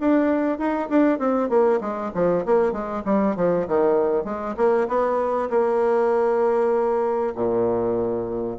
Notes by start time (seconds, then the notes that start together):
0.00 D4
0.58 D#4
0.89 D4
1.19 C4
1.49 A#3
1.81 G#3
2.14 F3
2.46 A#3
2.72 G#3
3.05 G3
3.36 F3
3.68 D#3
4.25 G#3
4.57 A#3
4.88 B3
5.50 A#3
7.36 A#2